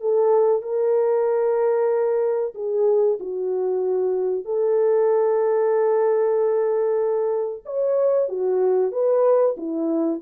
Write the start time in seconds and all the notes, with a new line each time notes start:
0.00 A4
0.62 A#4
2.54 G#4
3.19 F#4
4.44 A4
7.65 C#5
8.28 F#4
8.92 B4
9.57 E4